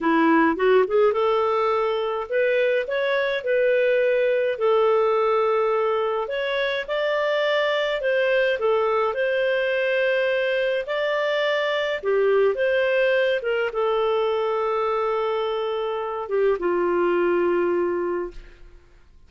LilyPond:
\new Staff \with { instrumentName = "clarinet" } { \time 4/4 \tempo 4 = 105 e'4 fis'8 gis'8 a'2 | b'4 cis''4 b'2 | a'2. cis''4 | d''2 c''4 a'4 |
c''2. d''4~ | d''4 g'4 c''4. ais'8 | a'1~ | a'8 g'8 f'2. | }